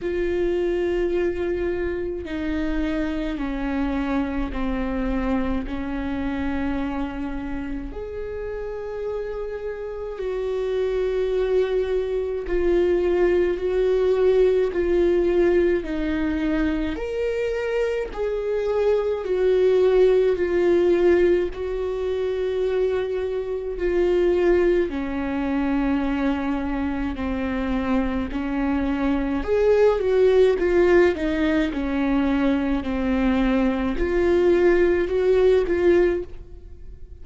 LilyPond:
\new Staff \with { instrumentName = "viola" } { \time 4/4 \tempo 4 = 53 f'2 dis'4 cis'4 | c'4 cis'2 gis'4~ | gis'4 fis'2 f'4 | fis'4 f'4 dis'4 ais'4 |
gis'4 fis'4 f'4 fis'4~ | fis'4 f'4 cis'2 | c'4 cis'4 gis'8 fis'8 f'8 dis'8 | cis'4 c'4 f'4 fis'8 f'8 | }